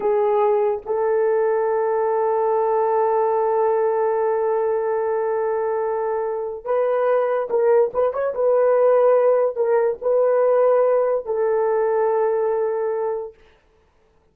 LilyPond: \new Staff \with { instrumentName = "horn" } { \time 4/4 \tempo 4 = 144 gis'2 a'2~ | a'1~ | a'1~ | a'1 |
b'2 ais'4 b'8 cis''8 | b'2. ais'4 | b'2. a'4~ | a'1 | }